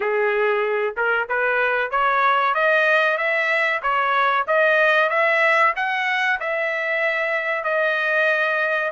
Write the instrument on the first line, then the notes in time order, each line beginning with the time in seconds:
trumpet
0.00 G#4
0.96 A#4
1.29 B4
1.90 C#5
2.54 D#5
3.17 E5
3.82 C#5
4.47 D#5
5.09 E5
5.76 F#5
6.40 E5
7.64 D#5